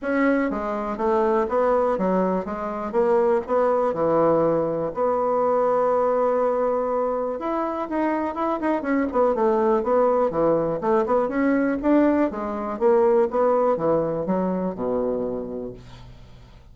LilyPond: \new Staff \with { instrumentName = "bassoon" } { \time 4/4 \tempo 4 = 122 cis'4 gis4 a4 b4 | fis4 gis4 ais4 b4 | e2 b2~ | b2. e'4 |
dis'4 e'8 dis'8 cis'8 b8 a4 | b4 e4 a8 b8 cis'4 | d'4 gis4 ais4 b4 | e4 fis4 b,2 | }